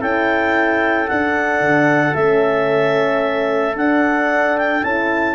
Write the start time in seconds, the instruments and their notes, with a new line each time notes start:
0.00 tuba C#4, horn E4, trumpet A4, clarinet G5
1.08 horn D4, tuba D4, clarinet F#5
1.61 tuba D3
2.15 tuba A3, horn C#4, clarinet E5
3.76 tuba D4, horn D4, clarinet F#5
4.58 clarinet G5
4.83 tuba C#4, horn E4, clarinet A5